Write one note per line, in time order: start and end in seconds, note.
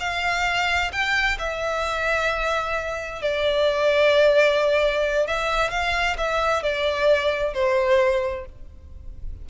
0.00 0.92 F5
0.92 1.38 G5
1.39 3.22 E5
3.22 5.27 D5
5.27 5.71 E5
5.71 6.17 F5
6.17 6.63 E5
6.63 7.54 D5
7.54 8.46 C5